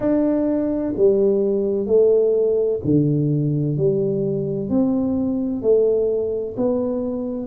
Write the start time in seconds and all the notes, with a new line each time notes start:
0.00 D4
0.96 G3
1.86 A3
2.84 D3
3.77 G3
4.69 C4
5.62 A3
6.56 B3